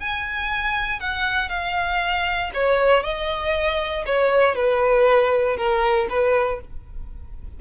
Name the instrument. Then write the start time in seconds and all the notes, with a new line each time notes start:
violin
0.00 G#5
1.00 F#5
1.50 F5
2.54 C#5
3.04 D#5
4.07 C#5
4.56 B4
5.57 A#4
6.10 B4